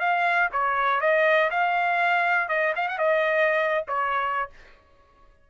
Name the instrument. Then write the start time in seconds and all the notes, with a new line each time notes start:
trumpet
0.00 F5
0.53 C#5
1.01 D#5
1.51 F5
2.49 D#5
2.76 F5
2.89 F#5
2.98 D#5
3.88 C#5